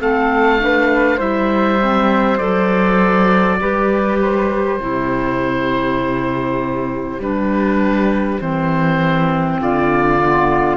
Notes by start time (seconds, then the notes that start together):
0.00 A3 C4 A4 F5
0.59 D4 B4
1.17 G3 E4 C5 E5
1.81 C4
2.39 F#3 A4 D5
3.60 G3 G4 B4
4.23 C5
4.80 C3 E4 G4
7.20 G3 D4 B4
8.40 E3 C4 C5
9.60 D3 F4 D5
10.22 B3